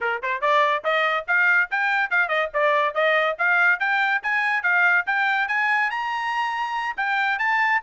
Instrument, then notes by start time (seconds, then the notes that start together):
trumpet
0.01 A#4
0.22 C5
0.41 D5
0.83 D#5
1.27 F5
1.71 G5
2.10 F5
2.28 D#5
2.53 D5
2.94 D#5
3.38 F5
3.79 G5
4.22 G#5
4.62 F5
5.06 G5
5.48 G#5
5.90 A#5
6.97 G5
7.38 A5